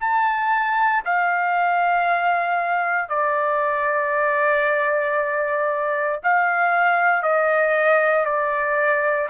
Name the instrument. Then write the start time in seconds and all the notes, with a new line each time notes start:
trumpet
0.00 A5
1.05 F5
3.09 D5
6.24 F5
7.22 D#5
8.25 D5